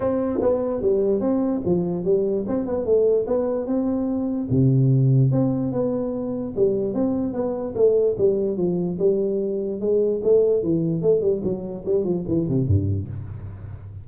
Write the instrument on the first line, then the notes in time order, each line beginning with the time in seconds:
tuba
0.00 C4
0.41 B3
0.81 G3
1.20 C4
1.65 F3
2.04 G3
2.47 C4
2.66 B3
2.85 A3
3.26 B3
3.66 C4
4.50 C3
5.31 C4
5.72 B3
6.55 G3
6.94 C4
7.33 B3
7.75 A3
8.18 G3
8.56 F3
8.98 G3
9.80 G#3
10.23 A3
10.62 E3
11.02 A3
11.21 G3
11.43 F#3
11.85 G3
12.04 F3
12.27 E3
12.48 C3
12.67 G2